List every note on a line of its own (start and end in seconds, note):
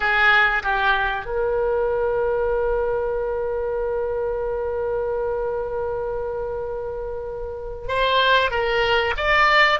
0.00 0.62 G#4
0.63 1.25 G4
1.25 7.88 A#4
7.88 8.50 C5
8.50 9.13 A#4
9.17 9.79 D5